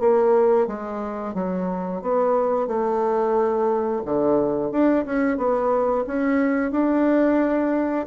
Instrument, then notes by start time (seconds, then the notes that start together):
bassoon
0.00 A#3
0.67 G#3
1.35 F#3
2.02 B3
2.67 A3
4.05 D3
4.72 D4
5.06 C#4
5.37 B3
6.07 C#4
6.71 D4